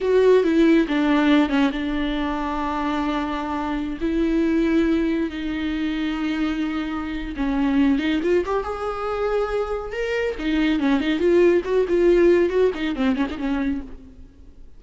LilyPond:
\new Staff \with { instrumentName = "viola" } { \time 4/4 \tempo 4 = 139 fis'4 e'4 d'4. cis'8 | d'1~ | d'4~ d'16 e'2~ e'8.~ | e'16 dis'2.~ dis'8.~ |
dis'4 cis'4. dis'8 f'8 g'8 | gis'2. ais'4 | dis'4 cis'8 dis'8 f'4 fis'8 f'8~ | f'4 fis'8 dis'8 c'8 cis'16 dis'16 cis'4 | }